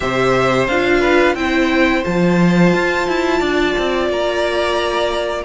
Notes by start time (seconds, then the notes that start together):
0.00 C3 G4 C5 E5
0.67 D4 F4 F5
1.00 B4
1.35 C4 E4 C5 G5
2.03 F3 F4 A5
2.73 F4
3.07 E4
3.39 D4 D5
3.78 C4
4.09 A#3 A#5